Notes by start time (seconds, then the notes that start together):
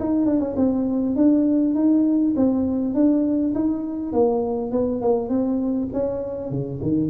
0.00 D#4
0.26 D4
0.40 C#4
0.56 C4
1.16 D4
1.75 D#4
2.36 C4
2.95 D4
3.55 D#4
4.13 A#3
4.72 B3
5.02 A#3
5.29 C4
5.93 C#4
6.50 C#3
6.82 D#3